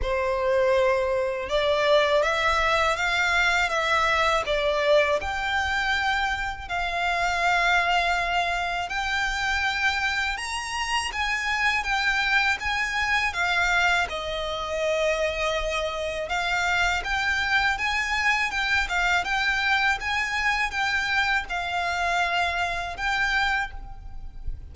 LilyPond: \new Staff \with { instrumentName = "violin" } { \time 4/4 \tempo 4 = 81 c''2 d''4 e''4 | f''4 e''4 d''4 g''4~ | g''4 f''2. | g''2 ais''4 gis''4 |
g''4 gis''4 f''4 dis''4~ | dis''2 f''4 g''4 | gis''4 g''8 f''8 g''4 gis''4 | g''4 f''2 g''4 | }